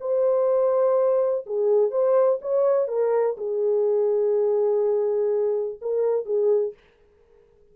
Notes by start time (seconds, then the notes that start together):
0.00 C5
1.46 G#4
1.91 C5
2.41 C#5
2.88 A#4
3.37 G#4
5.81 A#4
6.26 G#4